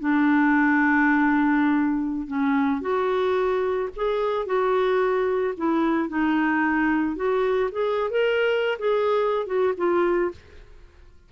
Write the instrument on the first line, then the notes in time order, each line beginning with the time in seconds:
clarinet
0.00 D4
2.28 C#4
2.81 F#4
3.96 G#4
4.46 F#4
5.57 E4
6.09 D#4
7.16 F#4
7.72 G#4
8.11 A#4
8.79 G#4
9.46 F#4
9.77 F4